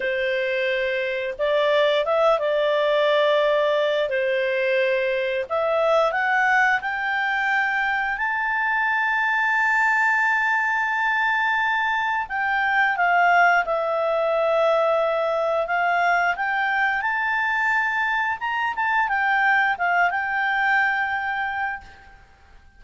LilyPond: \new Staff \with { instrumentName = "clarinet" } { \time 4/4 \tempo 4 = 88 c''2 d''4 e''8 d''8~ | d''2 c''2 | e''4 fis''4 g''2 | a''1~ |
a''2 g''4 f''4 | e''2. f''4 | g''4 a''2 ais''8 a''8 | g''4 f''8 g''2~ g''8 | }